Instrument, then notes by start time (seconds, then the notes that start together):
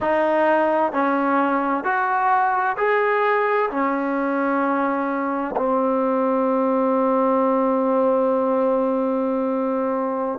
trombone
0.00 D#4
0.92 C#4
1.84 F#4
2.77 G#4
3.70 C#4
5.56 C4